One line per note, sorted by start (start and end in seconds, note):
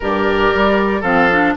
0.00 0.53 G2
0.00 1.04 G4
0.00 1.01 A#4
0.00 1.03 D5
0.54 1.02 G3
1.01 1.54 F3
1.01 1.30 C4
1.01 1.53 A4
1.01 1.55 F5
1.31 1.56 D4